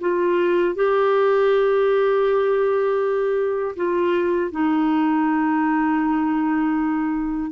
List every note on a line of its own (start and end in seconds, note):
0.00 0.75 F4
0.75 3.75 G4
3.76 4.51 F4
4.51 7.51 D#4